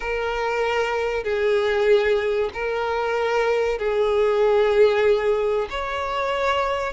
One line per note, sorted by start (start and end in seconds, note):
0.00 1.23 A#4
1.23 2.49 G#4
2.53 3.78 A#4
3.78 5.68 G#4
5.70 6.92 C#5